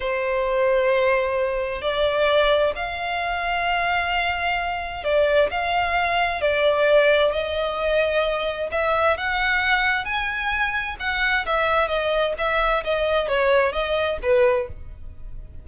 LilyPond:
\new Staff \with { instrumentName = "violin" } { \time 4/4 \tempo 4 = 131 c''1 | d''2 f''2~ | f''2. d''4 | f''2 d''2 |
dis''2. e''4 | fis''2 gis''2 | fis''4 e''4 dis''4 e''4 | dis''4 cis''4 dis''4 b'4 | }